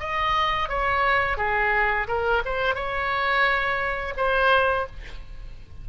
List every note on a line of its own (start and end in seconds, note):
0.00 0.69 D#5
0.69 1.38 C#5
1.38 2.07 G#4
2.08 2.43 A#4
2.45 2.75 C5
2.75 4.14 C#5
4.17 4.86 C5